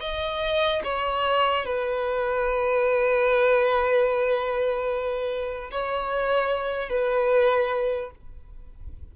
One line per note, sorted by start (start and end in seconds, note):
0.00 0.81 D#5
0.84 1.65 C#5
1.65 5.70 B4
5.71 6.89 C#5
6.89 8.10 B4